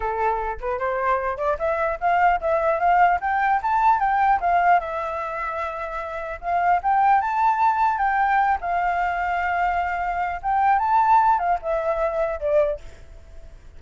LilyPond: \new Staff \with { instrumentName = "flute" } { \time 4/4 \tempo 4 = 150 a'4. b'8 c''4. d''8 | e''4 f''4 e''4 f''4 | g''4 a''4 g''4 f''4 | e''1 |
f''4 g''4 a''2 | g''4. f''2~ f''8~ | f''2 g''4 a''4~ | a''8 f''8 e''2 d''4 | }